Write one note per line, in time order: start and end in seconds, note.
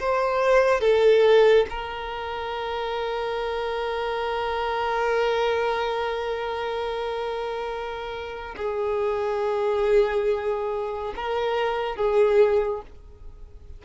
0.00 0.80 C5
0.80 1.66 A4
1.70 8.56 A#4
8.57 11.14 G#4
11.15 11.96 A#4
11.96 12.82 G#4